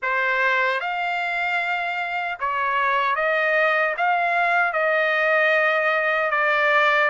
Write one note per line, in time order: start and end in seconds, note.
0.02 0.80 C5
0.80 2.38 F5
2.39 3.15 C#5
3.15 3.94 D#5
3.97 4.72 F5
4.72 6.30 D#5
6.31 7.09 D5